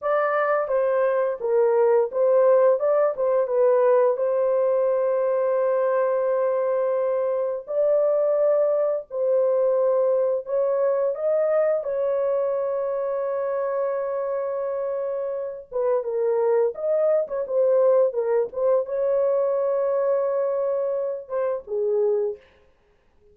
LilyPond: \new Staff \with { instrumentName = "horn" } { \time 4/4 \tempo 4 = 86 d''4 c''4 ais'4 c''4 | d''8 c''8 b'4 c''2~ | c''2. d''4~ | d''4 c''2 cis''4 |
dis''4 cis''2.~ | cis''2~ cis''8 b'8 ais'4 | dis''8. cis''16 c''4 ais'8 c''8 cis''4~ | cis''2~ cis''8 c''8 gis'4 | }